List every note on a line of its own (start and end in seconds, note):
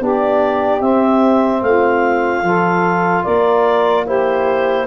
0.00 0.81 B3
0.00 0.82 D4
0.00 1.62 G4
0.00 0.81 D5
0.81 1.62 C4
0.81 2.44 C4
0.81 1.62 E5
1.62 2.43 A3
1.62 2.45 F4
1.62 3.24 F5
2.43 3.24 F3
2.43 4.06 F4
2.43 3.23 A4
3.23 4.87 A#3
3.23 4.04 A#4
3.23 4.05 D5
4.05 4.87 E4
4.05 4.86 G4
4.05 4.87 C5